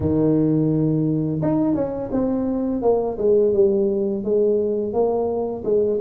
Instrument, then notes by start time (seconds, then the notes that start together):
tuba
0.00 D#3
1.42 D#4
1.75 C#4
2.11 C4
2.82 A#3
3.18 G#3
3.53 G3
4.24 G#3
4.93 A#3
5.64 G#3